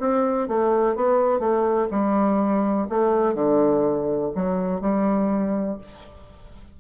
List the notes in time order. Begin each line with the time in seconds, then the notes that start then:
0.00 C4
0.48 A3
0.95 B3
1.40 A3
1.91 G3
2.89 A3
3.34 D3
4.35 F#3
4.81 G3